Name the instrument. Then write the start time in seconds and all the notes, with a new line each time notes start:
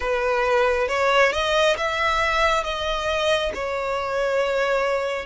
violin
0.00 B4
0.88 C#5
1.32 D#5
1.76 E5
2.63 D#5
3.54 C#5